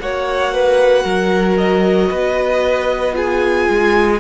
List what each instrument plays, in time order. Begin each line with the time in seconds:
0.00 cello A#3, viola F#4, violin C#5 F#5
0.54 violin B4
1.04 cello F#3, violin A#4
1.58 violin D#5
2.09 cello B3, violin B4
3.12 viola F4, violin G#4 G#5
3.70 cello G#3